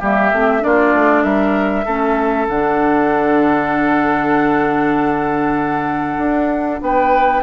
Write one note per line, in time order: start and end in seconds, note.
0.00 0.32 G3
0.00 0.32 A#3
0.00 0.62 G4
0.00 0.64 E5
0.33 0.64 A3
0.33 0.60 C4
0.60 0.94 A#3
0.60 1.84 D4
0.60 1.24 F4
0.60 1.23 D5
0.94 1.24 A3
1.23 1.86 G3
1.23 1.85 A#4
1.23 2.47 E5
1.85 2.48 A3
1.85 2.49 C#4
1.85 6.80 A4
2.48 6.18 D3
2.48 7.43 D4
2.48 6.82 F#5
6.18 6.80 D4
6.82 7.43 B3
6.82 7.43 B4
6.82 7.43 G5